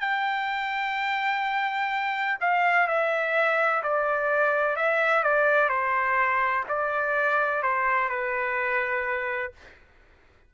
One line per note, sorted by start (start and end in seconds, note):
0.00 2.38 G5
2.40 2.87 F5
2.87 3.83 E5
3.83 4.76 D5
4.76 5.23 E5
5.23 5.69 D5
5.69 6.64 C5
6.68 7.62 D5
7.62 8.09 C5
8.09 9.52 B4